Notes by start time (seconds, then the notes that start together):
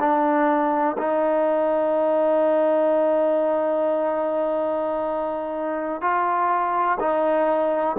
0.00 D4
0.98 D#4
6.01 F4
7.00 D#4